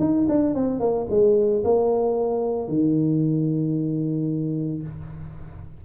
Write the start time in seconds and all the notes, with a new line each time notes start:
0.00 D#4
0.28 D4
0.54 C4
0.80 A#3
1.10 G#3
1.64 A#3
2.68 D#3